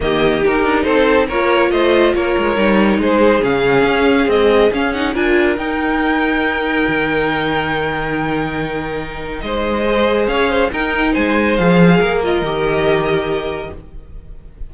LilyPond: <<
  \new Staff \with { instrumentName = "violin" } { \time 4/4 \tempo 4 = 140 dis''4 ais'4 c''4 cis''4 | dis''4 cis''2 c''4 | f''2 dis''4 f''8 fis''8 | gis''4 g''2.~ |
g''1~ | g''2 dis''2 | f''4 g''4 gis''4 f''4~ | f''8 dis''2.~ dis''8 | }
  \new Staff \with { instrumentName = "violin" } { \time 4/4 g'2 a'4 ais'4 | c''4 ais'2 gis'4~ | gis'1 | ais'1~ |
ais'1~ | ais'2 c''2 | cis''8 c''8 ais'4 c''2 | ais'1 | }
  \new Staff \with { instrumentName = "viola" } { \time 4/4 ais4 dis'2 f'4~ | f'2 dis'2 | cis'2 gis4 cis'8 dis'8 | f'4 dis'2.~ |
dis'1~ | dis'2. gis'4~ | gis'4 dis'2 gis'4~ | gis'8 f'8 g'2. | }
  \new Staff \with { instrumentName = "cello" } { \time 4/4 dis4 dis'8 d'8 c'4 ais4 | a4 ais8 gis8 g4 gis4 | cis4 cis'4 c'4 cis'4 | d'4 dis'2. |
dis1~ | dis2 gis2 | cis'4 dis'4 gis4 f4 | ais4 dis2. | }
>>